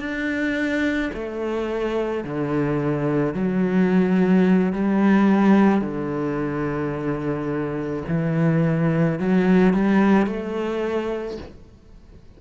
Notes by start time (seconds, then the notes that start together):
0.00 D4
1.14 A3
2.25 D3
3.35 F#3
4.73 G3
5.82 D3
8.09 E3
9.20 F#3
9.74 G3
10.27 A3